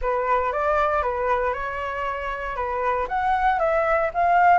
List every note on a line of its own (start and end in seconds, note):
0.01 0.52 B4
0.52 1.02 D5
1.02 1.53 B4
1.53 2.56 C#5
2.56 3.07 B4
3.08 3.59 F#5
3.59 4.10 E5
4.14 4.58 F5